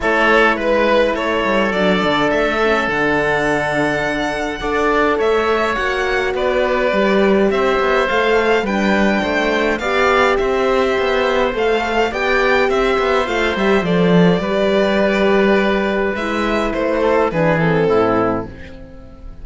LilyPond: <<
  \new Staff \with { instrumentName = "violin" } { \time 4/4 \tempo 4 = 104 cis''4 b'4 cis''4 d''4 | e''4 fis''2.~ | fis''4 e''4 fis''4 d''4~ | d''4 e''4 f''4 g''4~ |
g''4 f''4 e''2 | f''4 g''4 e''4 f''8 e''8 | d''1 | e''4 c''4 b'8 a'4. | }
  \new Staff \with { instrumentName = "oboe" } { \time 4/4 a'4 b'4 a'2~ | a'1 | d''4 cis''2 b'4~ | b'4 c''2 b'4 |
c''4 d''4 c''2~ | c''4 d''4 c''2~ | c''4 b'2.~ | b'4. a'8 gis'4 e'4 | }
  \new Staff \with { instrumentName = "horn" } { \time 4/4 e'2. d'4~ | d'8 cis'8 d'2. | a'2 fis'2 | g'2 a'4 d'4~ |
d'4 g'2. | a'4 g'2 f'8 g'8 | a'4 g'2. | e'2 d'8 c'4. | }
  \new Staff \with { instrumentName = "cello" } { \time 4/4 a4 gis4 a8 g8 fis8 d8 | a4 d2. | d'4 a4 ais4 b4 | g4 c'8 b8 a4 g4 |
a4 b4 c'4 b4 | a4 b4 c'8 b8 a8 g8 | f4 g2. | gis4 a4 e4 a,4 | }
>>